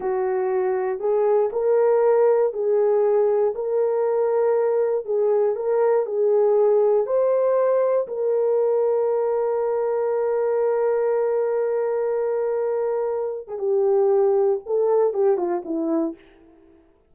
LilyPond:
\new Staff \with { instrumentName = "horn" } { \time 4/4 \tempo 4 = 119 fis'2 gis'4 ais'4~ | ais'4 gis'2 ais'4~ | ais'2 gis'4 ais'4 | gis'2 c''2 |
ais'1~ | ais'1~ | ais'2~ ais'8. gis'16 g'4~ | g'4 a'4 g'8 f'8 e'4 | }